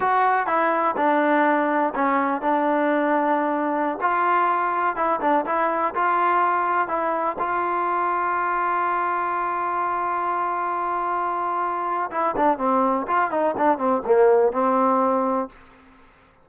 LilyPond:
\new Staff \with { instrumentName = "trombone" } { \time 4/4 \tempo 4 = 124 fis'4 e'4 d'2 | cis'4 d'2.~ | d'16 f'2 e'8 d'8 e'8.~ | e'16 f'2 e'4 f'8.~ |
f'1~ | f'1~ | f'4 e'8 d'8 c'4 f'8 dis'8 | d'8 c'8 ais4 c'2 | }